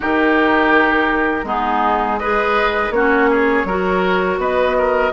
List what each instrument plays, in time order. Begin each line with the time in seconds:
0.00 bassoon D#3, clarinet D#4, oboe G4, flute A#4
1.43 bassoon G#3, clarinet B3, oboe D#4, flute G#4
2.19 clarinet G#4, oboe B4, flute D#5
2.90 bassoon A#3, clarinet C#4, oboe F#4, flute C#5
3.30 oboe G#4
3.64 bassoon F#3, clarinet F#4, oboe A#4
4.38 bassoon B3, oboe B4, flute D#5
4.77 oboe A#4